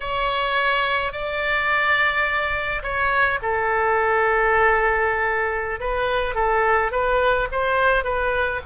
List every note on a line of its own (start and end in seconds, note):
0.00 1.12 C#5
1.12 2.82 D5
2.82 3.39 C#5
3.42 5.80 A4
5.80 6.34 B4
6.34 6.91 A4
6.91 7.48 B4
7.51 8.04 C5
8.04 8.60 B4